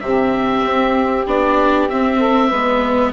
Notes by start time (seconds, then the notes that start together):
0.00 C3 C4 G4 E5
0.65 C4
1.26 B3 D4 D5
1.89 C4 E5
2.18 A4
2.48 G#3 B3 B4